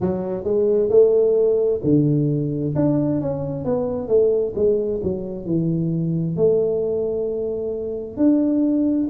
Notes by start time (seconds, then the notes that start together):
0.00 F#3
0.43 G#3
0.89 A3
1.83 D3
2.75 D4
3.21 C#4
3.64 B3
4.07 A3
4.55 G#3
5.02 F#3
5.45 E3
6.36 A3
8.17 D4